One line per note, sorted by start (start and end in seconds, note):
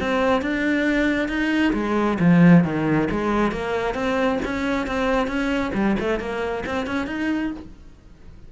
0.00 0.42 C4
0.42 1.29 D4
1.29 1.73 D#4
1.74 2.18 G#3
2.20 2.64 F3
2.64 3.08 D#3
3.11 3.52 G#3
3.52 3.94 A#3
3.94 4.39 C4
4.45 4.87 C#4
4.87 5.27 C4
5.27 5.72 C#4
5.74 5.96 G3
6.00 6.20 A3
6.20 6.64 A#3
6.66 6.86 C4
6.86 7.07 C#4
7.07 7.52 D#4